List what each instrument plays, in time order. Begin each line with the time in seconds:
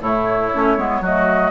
0.00 bassoon A2, clarinet A3, oboe E4, flute C#5
0.53 bassoon A3, clarinet C#4
0.77 bassoon G#3, clarinet B3
1.00 bassoon F#3, clarinet A3, oboe F#4, flute D#5